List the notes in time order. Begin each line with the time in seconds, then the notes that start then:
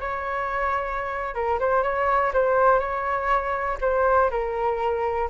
0.00 C#5
1.34 A#4
1.59 C5
1.83 C#5
2.33 C5
2.79 C#5
3.81 C5
4.31 A#4